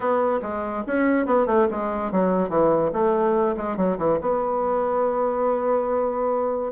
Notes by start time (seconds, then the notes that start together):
0.00 B3
0.42 G#3
0.86 C#4
1.26 B3
1.46 A3
1.70 G#3
2.11 F#3
2.49 E3
2.92 A3
3.56 G#3
3.76 F#3
3.97 E3
4.21 B3